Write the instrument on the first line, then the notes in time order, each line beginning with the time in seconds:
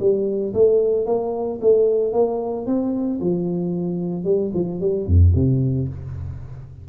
tuba
0.00 G3
0.54 A3
1.06 A#3
1.61 A3
2.13 A#3
2.67 C4
3.21 F3
4.25 G3
4.54 F3
4.81 G3
5.06 F2
5.35 C3